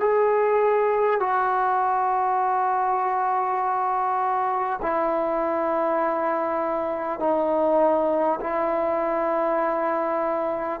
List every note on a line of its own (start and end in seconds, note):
0.00 1.20 G#4
1.20 4.80 F#4
4.82 7.19 E4
7.19 8.39 D#4
8.40 10.80 E4